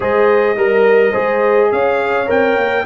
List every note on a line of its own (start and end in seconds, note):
0.00 0.56 G#3
0.00 0.56 G#4
0.00 0.56 C5
0.00 1.72 D#5
0.56 1.13 G3
0.56 1.13 A#4
0.56 1.11 A#4
1.11 1.71 G#3
1.11 2.26 G#4
1.11 1.68 C5
1.71 2.29 C#4
1.71 2.85 C#5
1.71 2.29 F5
2.26 2.56 C4
2.26 2.83 A#4
2.26 2.85 G5
2.56 2.84 A#3